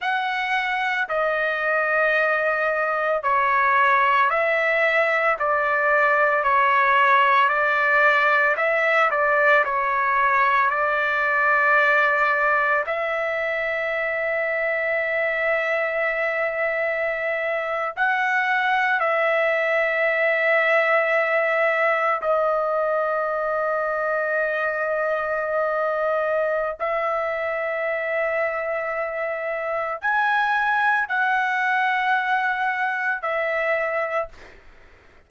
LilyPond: \new Staff \with { instrumentName = "trumpet" } { \time 4/4 \tempo 4 = 56 fis''4 dis''2 cis''4 | e''4 d''4 cis''4 d''4 | e''8 d''8 cis''4 d''2 | e''1~ |
e''8. fis''4 e''2~ e''16~ | e''8. dis''2.~ dis''16~ | dis''4 e''2. | gis''4 fis''2 e''4 | }